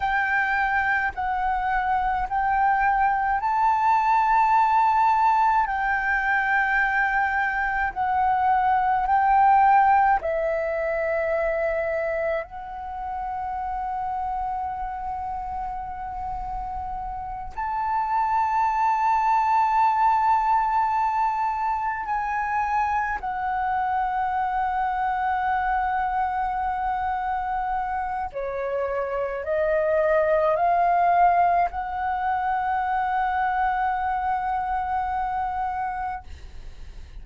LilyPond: \new Staff \with { instrumentName = "flute" } { \time 4/4 \tempo 4 = 53 g''4 fis''4 g''4 a''4~ | a''4 g''2 fis''4 | g''4 e''2 fis''4~ | fis''2.~ fis''8 a''8~ |
a''2.~ a''8 gis''8~ | gis''8 fis''2.~ fis''8~ | fis''4 cis''4 dis''4 f''4 | fis''1 | }